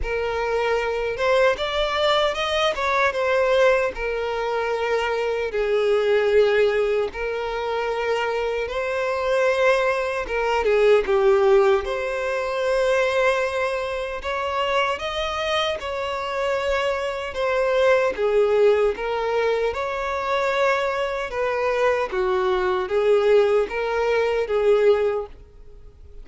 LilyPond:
\new Staff \with { instrumentName = "violin" } { \time 4/4 \tempo 4 = 76 ais'4. c''8 d''4 dis''8 cis''8 | c''4 ais'2 gis'4~ | gis'4 ais'2 c''4~ | c''4 ais'8 gis'8 g'4 c''4~ |
c''2 cis''4 dis''4 | cis''2 c''4 gis'4 | ais'4 cis''2 b'4 | fis'4 gis'4 ais'4 gis'4 | }